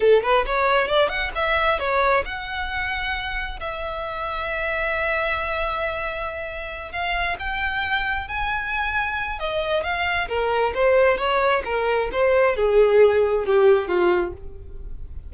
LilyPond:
\new Staff \with { instrumentName = "violin" } { \time 4/4 \tempo 4 = 134 a'8 b'8 cis''4 d''8 fis''8 e''4 | cis''4 fis''2. | e''1~ | e''2.~ e''8 f''8~ |
f''8 g''2 gis''4.~ | gis''4 dis''4 f''4 ais'4 | c''4 cis''4 ais'4 c''4 | gis'2 g'4 f'4 | }